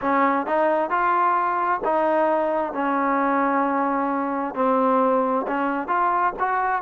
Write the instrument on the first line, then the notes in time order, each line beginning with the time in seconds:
trombone
0.01 C#4
0.46 D#4
0.90 F4
1.84 D#4
2.73 C#4
4.55 C4
5.47 C#4
5.87 F4
6.39 F#4